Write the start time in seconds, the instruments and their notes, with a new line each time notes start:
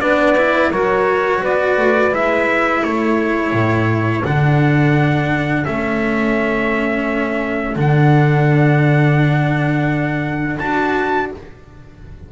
0.00 double bass B3, cello D4, saxophone B4, trumpet D5
0.37 cello E4
0.70 double bass F#3, cello F#4, saxophone A#4, trumpet C#5
1.41 double bass B3, saxophone B4, trumpet D5
1.76 double bass A3
2.11 double bass G#3, cello E4, trumpet E5
2.81 double bass A3, saxophone A4, trumpet C#5
3.52 double bass A2
4.24 double bass D3, cello D4, trumpet F#5
5.65 double bass A3, cello C#4, trumpet E5
7.75 double bass D3, cello D4, trumpet F#5
10.59 double bass D4, cello F#4, trumpet A5